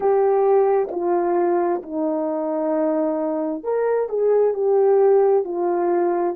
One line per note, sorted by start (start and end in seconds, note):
0.00 0.88 G4
0.91 1.82 F4
1.82 3.63 D#4
3.63 4.09 A#4
4.09 4.54 G#4
4.54 5.44 G4
5.44 6.35 F4